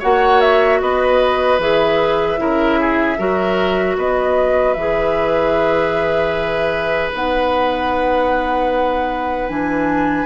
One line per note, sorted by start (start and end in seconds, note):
0.00 0.81 A#3
0.00 1.60 F#4
0.00 0.79 C#5
0.00 0.41 F#5
0.41 0.80 E5
0.81 1.59 B3
0.81 2.40 B4
0.81 1.60 D#5
1.59 2.37 E3
1.59 2.38 G#4
1.59 3.98 E5
2.38 3.18 C#3
2.38 3.17 E4
2.38 2.80 A#4
2.80 3.18 G#4
3.18 3.97 F#3
3.18 4.76 F#4
3.18 3.97 A#4
3.97 4.76 B3
3.97 10.26 B4
3.97 4.74 D#5
4.74 7.13 E3
4.74 7.13 G#4
4.74 7.11 E5
7.13 9.49 B3
7.13 9.49 D#4
7.13 9.49 F#5
9.49 10.26 E3
9.49 10.26 D4
9.49 10.26 G#5